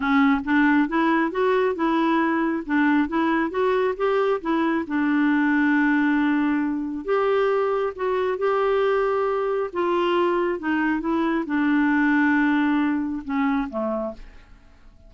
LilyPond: \new Staff \with { instrumentName = "clarinet" } { \time 4/4 \tempo 4 = 136 cis'4 d'4 e'4 fis'4 | e'2 d'4 e'4 | fis'4 g'4 e'4 d'4~ | d'1 |
g'2 fis'4 g'4~ | g'2 f'2 | dis'4 e'4 d'2~ | d'2 cis'4 a4 | }